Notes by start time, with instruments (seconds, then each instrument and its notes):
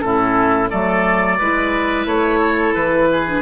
0.00 bassoon A2, clarinet C#4, oboe E4 A4
0.69 bassoon F#3, clarinet A3, oboe A4 D5
1.38 bassoon G#3, clarinet E4, oboe B4
2.05 bassoon A3, oboe C#5
2.39 oboe A4
2.74 bassoon E3, oboe B4
3.12 oboe G#4
3.26 clarinet D4